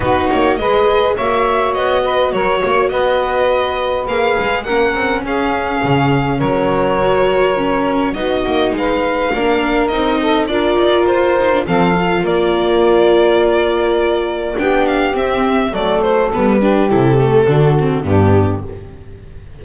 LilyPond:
<<
  \new Staff \with { instrumentName = "violin" } { \time 4/4 \tempo 4 = 103 b'8 cis''8 dis''4 e''4 dis''4 | cis''4 dis''2 f''4 | fis''4 f''2 cis''4~ | cis''2 dis''4 f''4~ |
f''4 dis''4 d''4 c''4 | f''4 d''2.~ | d''4 g''8 f''8 e''4 d''8 c''8 | b'4 a'2 g'4 | }
  \new Staff \with { instrumentName = "saxophone" } { \time 4/4 fis'4 b'4 cis''4. b'8 | ais'8 cis''8 b'2. | ais'4 gis'2 ais'4~ | ais'2 fis'4 b'4 |
ais'4. a'8 ais'2 | a'4 ais'2.~ | ais'4 g'2 a'4~ | a'8 g'4. fis'4 d'4 | }
  \new Staff \with { instrumentName = "viola" } { \time 4/4 dis'4 gis'4 fis'2~ | fis'2. gis'4 | cis'1 | fis'4 cis'4 dis'2 |
d'4 dis'4 f'4. dis'16 d'16 | c'8 f'2.~ f'8~ | f'4 d'4 c'4 a4 | b8 d'8 e'8 a8 d'8 c'8 b4 | }
  \new Staff \with { instrumentName = "double bass" } { \time 4/4 b8 ais8 gis4 ais4 b4 | fis8 ais8 b2 ais8 gis8 | ais8 c'8 cis'4 cis4 fis4~ | fis2 b8 ais8 gis4 |
ais4 c'4 d'8 dis'8 f'4 | f4 ais2.~ | ais4 b4 c'4 fis4 | g4 c4 d4 g,4 | }
>>